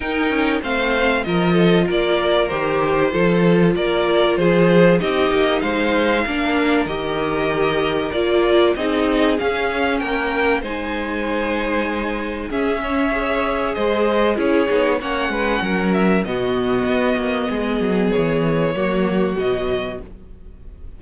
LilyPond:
<<
  \new Staff \with { instrumentName = "violin" } { \time 4/4 \tempo 4 = 96 g''4 f''4 dis''4 d''4 | c''2 d''4 c''4 | dis''4 f''2 dis''4~ | dis''4 d''4 dis''4 f''4 |
g''4 gis''2. | e''2 dis''4 cis''4 | fis''4. e''8 dis''2~ | dis''4 cis''2 dis''4 | }
  \new Staff \with { instrumentName = "violin" } { \time 4/4 ais'4 c''4 ais'8 a'8 ais'4~ | ais'4 a'4 ais'4 gis'4 | g'4 c''4 ais'2~ | ais'2 gis'2 |
ais'4 c''2. | gis'8 cis''4. c''4 gis'4 | cis''8 b'8 ais'4 fis'2 | gis'2 fis'2 | }
  \new Staff \with { instrumentName = "viola" } { \time 4/4 dis'4 c'4 f'2 | g'4 f'2. | dis'2 d'4 g'4~ | g'4 f'4 dis'4 cis'4~ |
cis'4 dis'2. | cis'4 gis'2 e'8 dis'8 | cis'2 b2~ | b2 ais4 fis4 | }
  \new Staff \with { instrumentName = "cello" } { \time 4/4 dis'8 cis'8 a4 f4 ais4 | dis4 f4 ais4 f4 | c'8 ais8 gis4 ais4 dis4~ | dis4 ais4 c'4 cis'4 |
ais4 gis2. | cis'2 gis4 cis'8 b8 | ais8 gis8 fis4 b,4 b8 ais8 | gis8 fis8 e4 fis4 b,4 | }
>>